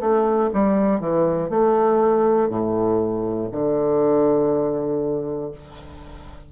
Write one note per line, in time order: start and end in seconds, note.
0.00 0.50 A3
0.53 1.00 G3
1.00 1.50 E3
1.50 2.50 A3
2.50 3.50 A2
3.51 5.51 D3